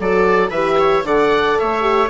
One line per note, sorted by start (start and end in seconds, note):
0.00 0.51 F#3
0.00 0.53 F#4
0.00 0.50 A4
0.00 0.51 D5
0.50 1.04 E3
0.50 1.05 G4
0.50 0.77 B4
0.50 1.04 E5
0.80 1.06 C#5
1.04 1.57 D3
1.04 1.81 A4
1.04 1.60 D5
1.04 1.59 F#5
1.59 2.10 A3
1.59 2.10 C#5
1.59 2.10 E5
1.81 2.08 G4